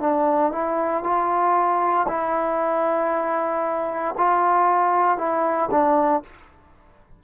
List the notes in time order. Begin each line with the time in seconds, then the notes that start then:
0.00 D4
0.52 E4
1.03 F4
2.08 E4
4.17 F4
5.18 E4
5.71 D4